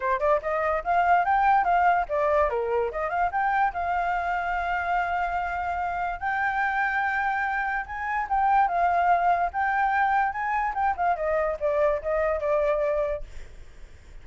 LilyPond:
\new Staff \with { instrumentName = "flute" } { \time 4/4 \tempo 4 = 145 c''8 d''8 dis''4 f''4 g''4 | f''4 d''4 ais'4 dis''8 f''8 | g''4 f''2.~ | f''2. g''4~ |
g''2. gis''4 | g''4 f''2 g''4~ | g''4 gis''4 g''8 f''8 dis''4 | d''4 dis''4 d''2 | }